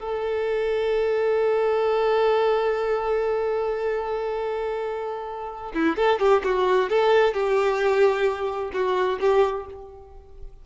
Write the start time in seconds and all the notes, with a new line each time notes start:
0.00 A4
5.74 E4
5.97 A4
6.20 G4
6.44 F#4
6.90 A4
7.34 G4
8.74 F#4
9.21 G4